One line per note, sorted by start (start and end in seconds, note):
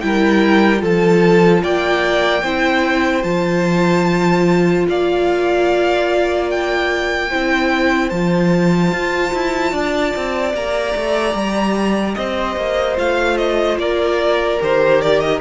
0.00 0.82 G3
0.00 0.77 E4
0.00 0.82 A#4
0.00 0.81 G5
0.77 1.63 F3
0.77 2.40 F4
0.77 1.63 A4
0.84 1.64 A5
1.63 2.42 A#3
1.63 2.44 D5
1.63 3.23 G5
2.42 3.23 C4
2.42 3.23 E4
2.42 4.87 C5
3.23 4.86 F3
3.23 7.28 F4
3.23 4.85 A5
4.89 7.32 A#3
4.89 7.29 D5
4.89 6.50 F5
6.50 8.10 G5
7.29 8.11 C4
7.29 8.12 E4
7.29 9.72 C5
8.10 8.92 F3
8.10 10.54 F4
8.10 10.53 A5
8.92 9.32 F4
9.33 9.72 E4
9.72 10.13 D4
9.72 12.15 D5
10.16 10.54 C4
10.54 10.94 A#3
10.54 12.96 G4
10.54 12.15 A#5
10.96 11.34 A3
11.34 12.15 G3
12.15 12.56 C4
12.15 13.81 C5
12.15 12.96 D#5
12.56 12.97 A#3
12.96 13.78 A3
12.96 14.59 F4
12.96 13.37 F5
13.37 13.78 D#5
13.78 14.59 A#3
13.78 15.41 A#4
13.78 14.60 D5
14.60 15.41 D#3
14.60 15.41 G4
14.60 15.02 C5
15.02 15.20 D5
15.20 15.40 D#5